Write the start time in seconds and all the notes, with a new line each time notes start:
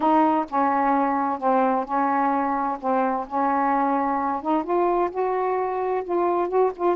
0.00 D#4
0.49 C#4
1.38 C4
1.85 C#4
2.80 C4
3.27 C#4
4.42 D#4
4.63 F4
5.10 F#4
6.04 F4
6.48 F#4
6.76 F4